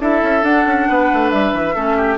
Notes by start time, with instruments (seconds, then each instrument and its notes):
0.00 bassoon D4, clarinet E4, oboe A4, flute E5
0.23 bassoon C#4
0.42 clarinet D4, bassoon D4, flute F#5
0.66 bassoon C#4
0.89 bassoon B3, oboe B4
1.14 bassoon A3
1.30 bassoon G3, flute E5
1.53 bassoon E3
1.75 bassoon A3, clarinet C#4, oboe A4
1.97 oboe G4